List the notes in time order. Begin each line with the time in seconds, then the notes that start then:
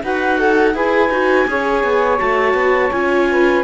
0.00 D#4 F#4 B4 F#5
0.38 A4
0.74 E4 G#4 B4 G#5
1.09 D#4 F#4
1.47 C#4 G#4 C#5
1.83 B3
2.18 A3 F#4 A5
2.53 B3
2.91 C#4 F4 G#5
3.30 B4